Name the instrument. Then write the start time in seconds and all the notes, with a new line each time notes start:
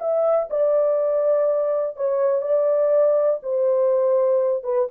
horn
0.00 E5
0.51 D5
1.97 C#5
2.42 D5
3.43 C5
4.64 B4